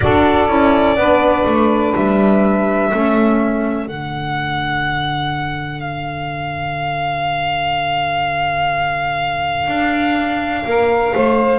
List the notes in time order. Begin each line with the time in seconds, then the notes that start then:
0.00 D4 F#4 A4 D5
0.47 C#4 E4
0.96 B3 D4 B4
1.45 A3
1.95 G3 E5
2.90 A3 C#4 A4
3.86 D3 D4 F#5
5.80 F5
9.67 D4
10.65 A#3 A#4
11.14 A3 C5